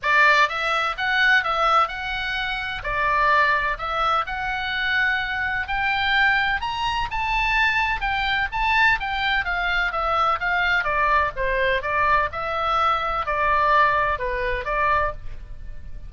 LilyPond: \new Staff \with { instrumentName = "oboe" } { \time 4/4 \tempo 4 = 127 d''4 e''4 fis''4 e''4 | fis''2 d''2 | e''4 fis''2. | g''2 ais''4 a''4~ |
a''4 g''4 a''4 g''4 | f''4 e''4 f''4 d''4 | c''4 d''4 e''2 | d''2 b'4 d''4 | }